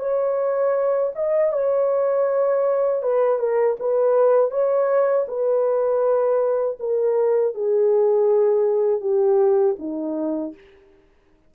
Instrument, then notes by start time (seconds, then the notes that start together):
horn
0.00 C#5
1.15 D#5
1.53 C#5
3.03 B4
3.39 A#4
3.80 B4
4.51 C#5
5.28 B4
6.80 A#4
7.55 G#4
9.01 G4
9.79 D#4